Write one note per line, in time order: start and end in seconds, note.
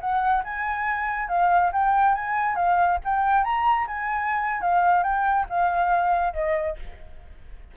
0.00 0.43 F#5
0.44 1.28 G#5
1.28 1.71 F5
1.72 2.14 G5
2.14 2.55 G#5
2.55 2.98 F5
3.04 3.44 G5
3.44 3.86 A#5
3.87 4.61 G#5
4.61 5.03 F5
5.03 5.46 G5
5.49 6.33 F5
6.33 6.76 D#5